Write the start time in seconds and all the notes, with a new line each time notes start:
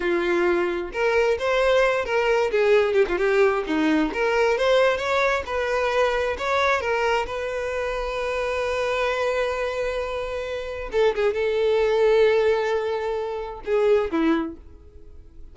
0.00 F4
0.92 A#4
1.38 C5
2.05 A#4
2.51 G#4
2.93 G4
3.08 F4
3.18 G4
3.66 D#4
4.13 A#4
4.57 C5
4.97 C#5
5.46 B4
6.37 C#5
6.80 A#4
7.26 B4
10.92 A4
11.15 G#4
11.33 A4
13.65 G#4
14.11 E4